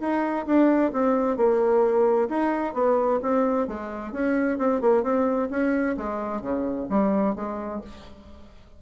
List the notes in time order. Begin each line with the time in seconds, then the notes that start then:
0.00 D#4
0.46 D4
0.92 C4
1.37 A#3
2.29 D#4
2.74 B3
3.22 C4
3.67 G#3
4.12 C#4
4.58 C4
4.81 A#3
5.03 C4
5.50 C#4
5.97 G#3
6.42 C#3
6.90 G3
7.36 G#3